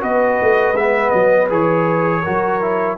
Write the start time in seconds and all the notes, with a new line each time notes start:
0.00 B3 F#4 B4 D#5
0.41 A3
0.73 G#3 B3 E5
1.10 F#3 D#5
1.49 E3 G#4 C#5
2.23 F#3 F#4 A#4
2.61 E4